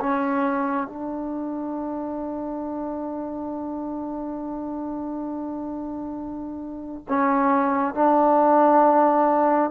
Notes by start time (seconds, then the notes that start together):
0.00 C#4
0.87 D4
7.08 C#4
7.94 D4